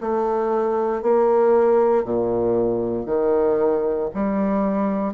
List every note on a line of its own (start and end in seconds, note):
0.00 1.02 A3
1.02 2.04 A#3
2.04 3.05 A#2
3.05 4.09 D#3
4.14 5.13 G3